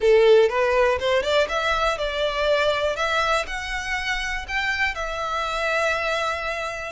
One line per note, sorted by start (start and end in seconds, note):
0.00 0.49 A4
0.49 0.98 B4
0.99 1.22 C5
1.22 1.47 D5
1.49 1.98 E5
1.98 2.95 D5
2.95 3.45 E5
3.46 4.46 F#5
4.48 4.95 G5
4.95 6.92 E5